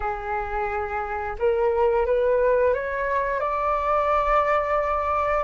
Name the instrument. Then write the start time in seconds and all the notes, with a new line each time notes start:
flute
0.00 G#4
1.38 A#4
2.06 B4
2.74 C#5
3.40 D5